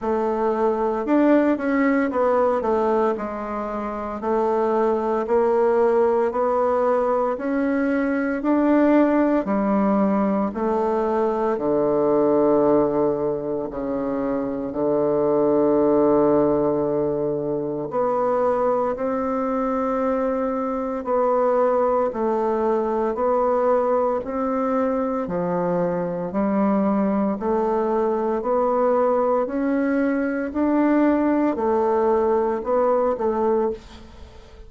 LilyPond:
\new Staff \with { instrumentName = "bassoon" } { \time 4/4 \tempo 4 = 57 a4 d'8 cis'8 b8 a8 gis4 | a4 ais4 b4 cis'4 | d'4 g4 a4 d4~ | d4 cis4 d2~ |
d4 b4 c'2 | b4 a4 b4 c'4 | f4 g4 a4 b4 | cis'4 d'4 a4 b8 a8 | }